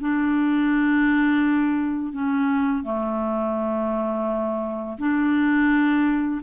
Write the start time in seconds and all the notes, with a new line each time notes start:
0.00 D4
2.12 C#4
2.83 A3
4.98 D4